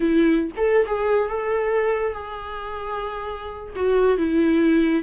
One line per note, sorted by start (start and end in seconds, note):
0.00 0.50 E4
0.56 0.86 A4
0.86 1.28 G#4
1.28 2.12 A4
2.12 3.73 G#4
3.75 4.17 F#4
4.17 5.03 E4